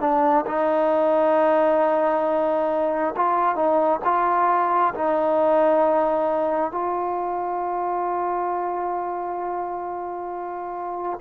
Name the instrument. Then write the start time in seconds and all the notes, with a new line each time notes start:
trombone
0.00 D4
0.46 D#4
3.16 F4
3.55 D#4
4.04 F4
4.95 D#4
6.71 F4